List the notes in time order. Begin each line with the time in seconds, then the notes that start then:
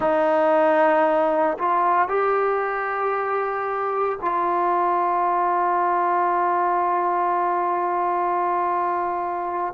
0.00 D#4
1.58 F4
2.08 G4
4.21 F4